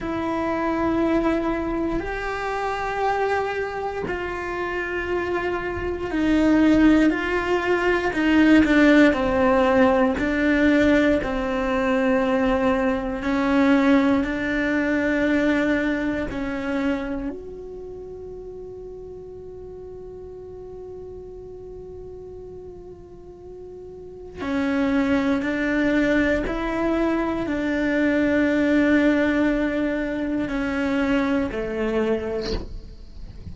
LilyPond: \new Staff \with { instrumentName = "cello" } { \time 4/4 \tempo 4 = 59 e'2 g'2 | f'2 dis'4 f'4 | dis'8 d'8 c'4 d'4 c'4~ | c'4 cis'4 d'2 |
cis'4 fis'2.~ | fis'1 | cis'4 d'4 e'4 d'4~ | d'2 cis'4 a4 | }